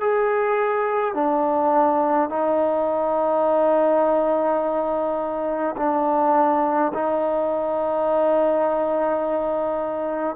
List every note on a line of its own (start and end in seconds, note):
0.00 1.14 G#4
1.14 2.30 D4
2.30 5.76 D#4
5.77 6.92 D4
6.94 10.36 D#4